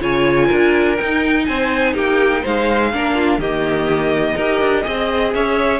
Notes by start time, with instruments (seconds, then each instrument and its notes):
0.00 cello C#3, viola F4, violin C#5 G#5
0.46 cello D4, violin A#4
0.96 viola D#4, cello D#4, violin G5
1.45 cello C4, violin C5 G#5
1.93 cello A#3, violin G4 G5
2.41 cello G#3, violin C5 F5
2.93 cello A#3, viola D4, violin A#4
3.14 violin F4
3.38 cello D#3, viola A#3, violin G4 D#5
4.35 cello D#4, viola G4, violin A#4
4.61 cello D4
4.83 cello C4, viola G#4, violin D#5
5.33 cello C#4, violin C#5 E5